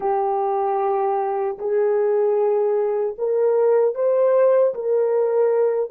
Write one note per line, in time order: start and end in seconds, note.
0.00 1.58 G4
1.58 3.16 G#4
3.18 3.95 A#4
3.95 4.74 C5
4.74 5.90 A#4